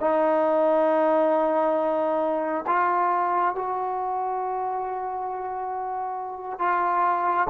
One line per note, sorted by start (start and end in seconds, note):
0.00 2.65 D#4
2.67 3.55 F4
3.55 6.59 F#4
6.59 7.47 F4